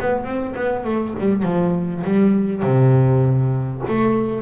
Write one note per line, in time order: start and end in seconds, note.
0.00 0.24 B3
0.24 0.54 C4
0.56 0.85 B3
0.85 1.15 A3
1.20 1.43 G3
1.43 2.03 F3
2.04 2.63 G3
2.63 3.83 C3
3.89 4.42 A3